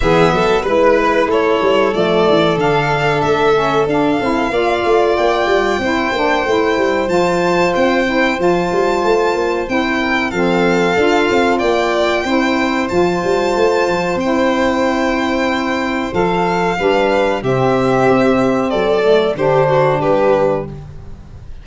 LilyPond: <<
  \new Staff \with { instrumentName = "violin" } { \time 4/4 \tempo 4 = 93 e''4 b'4 cis''4 d''4 | f''4 e''4 f''2 | g''2. a''4 | g''4 a''2 g''4 |
f''2 g''2 | a''2 g''2~ | g''4 f''2 e''4~ | e''4 d''4 c''4 b'4 | }
  \new Staff \with { instrumentName = "violin" } { \time 4/4 gis'8 a'8 b'4 a'2~ | a'2. d''4~ | d''4 c''2.~ | c''2.~ c''8 ais'8 |
a'2 d''4 c''4~ | c''1~ | c''2 b'4 g'4~ | g'4 a'4 g'8 fis'8 g'4 | }
  \new Staff \with { instrumentName = "saxophone" } { \time 4/4 b4 e'2 a4 | d'4. cis'8 d'8 e'8 f'4~ | f'4 e'8 d'8 e'4 f'4~ | f'8 e'8 f'2 e'4 |
c'4 f'2 e'4 | f'2 e'2~ | e'4 a'4 d'4 c'4~ | c'4. a8 d'2 | }
  \new Staff \with { instrumentName = "tuba" } { \time 4/4 e8 fis8 gis4 a8 g8 f8 e8 | d4 a4 d'8 c'8 ais8 a8 | ais8 g8 c'8 ais8 a8 g8 f4 | c'4 f8 g8 a8 ais8 c'4 |
f4 d'8 c'8 ais4 c'4 | f8 g8 a8 f8 c'2~ | c'4 f4 g4 c4 | c'4 fis4 d4 g4 | }
>>